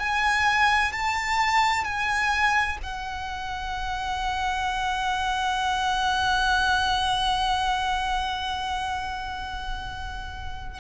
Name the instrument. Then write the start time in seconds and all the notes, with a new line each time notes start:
violin
0.00 G#5
0.93 A5
1.85 G#5
2.83 F#5